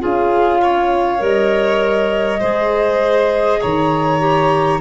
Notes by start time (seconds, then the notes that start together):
0.00 C#4 F4 G#4 F5
0.62 C#5
1.19 G3 A#4 D#5
2.40 G#3 G#4 C5
3.61 D#3 C#5 A#5
4.20 G4